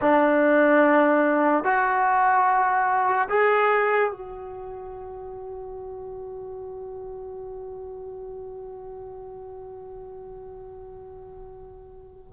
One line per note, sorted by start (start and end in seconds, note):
0.01 1.64 D4
1.64 3.28 F#4
3.28 4.11 G#4
4.11 12.33 F#4